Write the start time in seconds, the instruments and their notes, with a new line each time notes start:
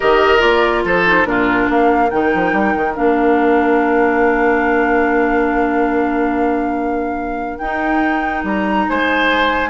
0.00 bassoon D#3, clarinet G4, oboe A#4, flute D#5
0.39 bassoon A#3, clarinet F4, flute D5
0.84 bassoon F3, oboe A4, flute C5
1.06 clarinet D#4
1.25 bassoon A#2, clarinet D4, oboe F4, flute A#4
1.69 bassoon A#3, oboe A#4, flute F5
2.09 bassoon D#3, clarinet D#4, flute G5
2.34 bassoon F3
2.52 bassoon G3
2.75 bassoon D#3
2.94 bassoon A#3, clarinet D4, flute F5
7.58 bassoon D#4, clarinet D#4, flute G5
8.43 bassoon G3, flute A#5
8.89 bassoon G#3, oboe C5, flute G#5